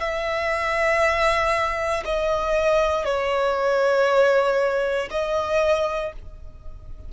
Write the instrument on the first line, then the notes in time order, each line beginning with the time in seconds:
violin
0.00 E5
2.05 D#5
3.05 C#5
5.11 D#5